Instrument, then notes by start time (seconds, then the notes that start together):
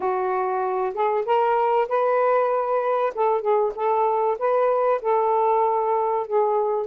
saxophone
0.00 F#4
0.93 G#4
1.25 A#4
1.88 B4
3.14 A4
3.41 G#4
3.75 A4
4.38 B4
5.01 A4
6.26 G#4